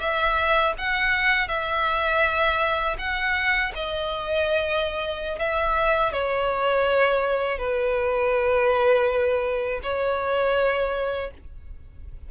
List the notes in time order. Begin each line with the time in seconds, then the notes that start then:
0.00 E5
0.78 F#5
1.48 E5
2.99 F#5
3.75 D#5
5.39 E5
6.13 C#5
7.59 B4
9.83 C#5